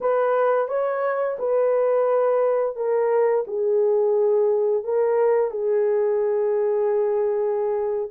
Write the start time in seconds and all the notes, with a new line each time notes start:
0.01 B4
0.68 C#5
1.38 B4
2.76 A#4
3.47 G#4
4.84 A#4
5.50 G#4